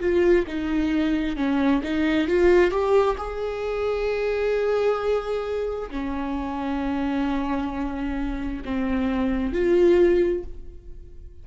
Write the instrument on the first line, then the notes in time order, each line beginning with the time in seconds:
viola
0.00 F4
0.47 D#4
1.36 C#4
1.83 D#4
2.27 F4
2.71 G4
3.17 G#4
5.90 C#4
8.64 C4
9.53 F4